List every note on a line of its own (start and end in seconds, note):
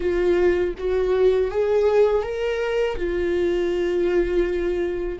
0.00 0.74 F4
0.78 1.51 F#4
1.51 2.22 G#4
2.22 2.96 A#4
2.96 5.19 F4